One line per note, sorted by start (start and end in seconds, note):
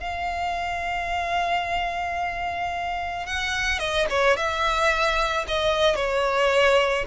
0.00 3.27 F5
3.27 3.79 F#5
3.79 4.06 D#5
4.10 4.37 C#5
4.37 5.46 E5
5.48 5.96 D#5
5.96 7.05 C#5